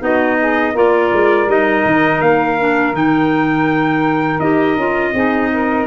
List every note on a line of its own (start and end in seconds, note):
0.00 0.75 B3
0.00 0.73 D#4
0.00 0.37 F#4
0.00 0.77 D#5
0.41 0.73 G#4
0.73 1.12 A#3
0.73 1.48 F4
0.73 5.12 A#4
0.73 1.50 D5
1.13 1.47 G#3
1.47 1.83 G3
1.47 2.58 D#4
1.47 2.21 D#5
1.86 2.21 D#3
2.21 2.93 A#3
2.21 2.94 F5
2.59 2.93 D4
2.93 4.39 D#3
2.93 4.39 D#4
2.93 4.39 G5
4.39 4.76 D#4
4.39 4.78 G4
4.39 5.86 D#5
4.76 5.13 C#4
4.76 5.14 F4
5.13 5.87 C4
5.13 5.87 D#4
5.13 5.50 G#4
5.53 5.87 A#4